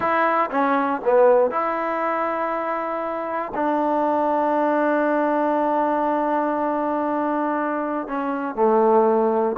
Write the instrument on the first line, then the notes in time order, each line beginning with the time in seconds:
trombone
0.00 E4
0.50 C#4
1.05 B3
1.50 E4
3.54 D4
8.07 C#4
8.55 A3